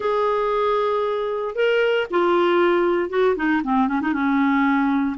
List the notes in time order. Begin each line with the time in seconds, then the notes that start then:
0.00 G#4
1.55 A#4
2.10 F4
3.09 F#4
3.36 D#4
3.63 C4
3.87 C#4
4.01 D#4
4.13 C#4